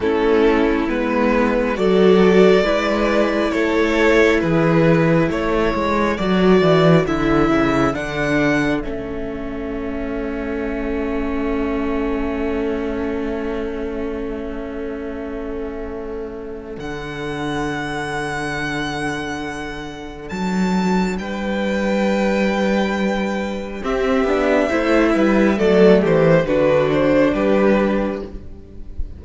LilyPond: <<
  \new Staff \with { instrumentName = "violin" } { \time 4/4 \tempo 4 = 68 a'4 b'4 d''2 | cis''4 b'4 cis''4 d''4 | e''4 fis''4 e''2~ | e''1~ |
e''2. fis''4~ | fis''2. a''4 | g''2. e''4~ | e''4 d''8 c''8 b'8 c''8 b'4 | }
  \new Staff \with { instrumentName = "violin" } { \time 4/4 e'2 a'4 b'4 | a'4 gis'4 a'2~ | a'1~ | a'1~ |
a'1~ | a'1 | b'2. g'4 | c''8 b'8 a'8 g'8 fis'4 g'4 | }
  \new Staff \with { instrumentName = "viola" } { \time 4/4 cis'4 b4 fis'4 e'4~ | e'2. fis'4 | e'4 d'4 cis'2~ | cis'1~ |
cis'2. d'4~ | d'1~ | d'2. c'8 d'8 | e'4 a4 d'2 | }
  \new Staff \with { instrumentName = "cello" } { \time 4/4 a4 gis4 fis4 gis4 | a4 e4 a8 gis8 fis8 e8 | d8 cis8 d4 a2~ | a1~ |
a2. d4~ | d2. fis4 | g2. c'8 b8 | a8 g8 fis8 e8 d4 g4 | }
>>